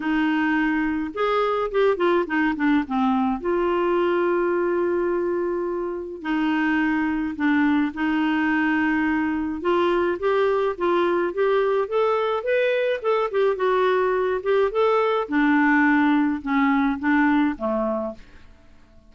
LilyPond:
\new Staff \with { instrumentName = "clarinet" } { \time 4/4 \tempo 4 = 106 dis'2 gis'4 g'8 f'8 | dis'8 d'8 c'4 f'2~ | f'2. dis'4~ | dis'4 d'4 dis'2~ |
dis'4 f'4 g'4 f'4 | g'4 a'4 b'4 a'8 g'8 | fis'4. g'8 a'4 d'4~ | d'4 cis'4 d'4 a4 | }